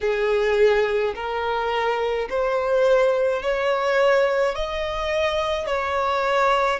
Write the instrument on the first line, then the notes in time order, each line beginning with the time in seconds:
violin
0.01 G#4
1.15 A#4
2.29 C5
3.42 C#5
4.55 D#5
5.66 C#5